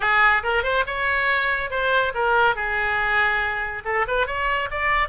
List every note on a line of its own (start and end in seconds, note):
0.00 0.43 G#4
0.43 0.63 A#4
0.63 0.84 C5
0.86 1.70 C#5
1.70 2.13 C5
2.14 2.55 A#4
2.55 3.83 G#4
3.84 4.06 A4
4.07 4.26 B4
4.26 4.69 C#5
4.71 5.08 D5